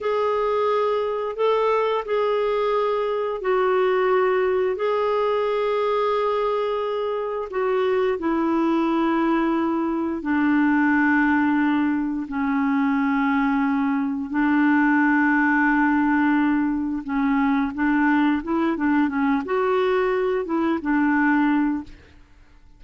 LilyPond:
\new Staff \with { instrumentName = "clarinet" } { \time 4/4 \tempo 4 = 88 gis'2 a'4 gis'4~ | gis'4 fis'2 gis'4~ | gis'2. fis'4 | e'2. d'4~ |
d'2 cis'2~ | cis'4 d'2.~ | d'4 cis'4 d'4 e'8 d'8 | cis'8 fis'4. e'8 d'4. | }